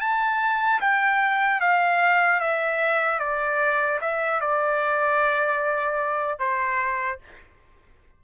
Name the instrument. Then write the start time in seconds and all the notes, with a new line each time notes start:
trumpet
0.00 A5
0.80 G5
1.60 F5
2.40 E5
3.19 D5
4.01 E5
4.41 D5
6.39 C5